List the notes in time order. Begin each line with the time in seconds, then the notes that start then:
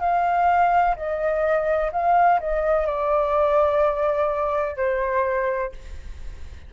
0.00 F5
0.96 D#5
1.92 F5
2.40 D#5
2.86 D5
4.77 C5